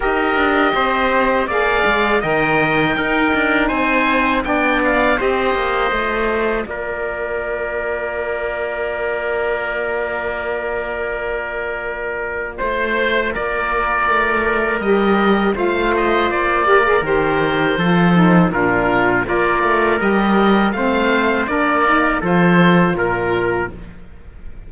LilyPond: <<
  \new Staff \with { instrumentName = "oboe" } { \time 4/4 \tempo 4 = 81 dis''2 f''4 g''4~ | g''4 gis''4 g''8 f''8 dis''4~ | dis''4 d''2.~ | d''1~ |
d''4 c''4 d''2 | dis''4 f''8 dis''8 d''4 c''4~ | c''4 ais'4 d''4 dis''4 | f''4 d''4 c''4 ais'4 | }
  \new Staff \with { instrumentName = "trumpet" } { \time 4/4 ais'4 c''4 d''4 dis''4 | ais'4 c''4 d''4 c''4~ | c''4 ais'2.~ | ais'1~ |
ais'4 c''4 ais'2~ | ais'4 c''4. ais'4. | a'4 f'4 ais'2 | c''4 ais'4 a'4 ais'4 | }
  \new Staff \with { instrumentName = "saxophone" } { \time 4/4 g'2 gis'4 ais'4 | dis'2 d'4 g'4 | f'1~ | f'1~ |
f'1 | g'4 f'4. g'16 gis'16 g'4 | f'8 dis'8 d'4 f'4 g'4 | c'4 d'8 dis'8 f'2 | }
  \new Staff \with { instrumentName = "cello" } { \time 4/4 dis'8 d'8 c'4 ais8 gis8 dis4 | dis'8 d'8 c'4 b4 c'8 ais8 | a4 ais2.~ | ais1~ |
ais4 a4 ais4 a4 | g4 a4 ais4 dis4 | f4 ais,4 ais8 a8 g4 | a4 ais4 f4 ais,4 | }
>>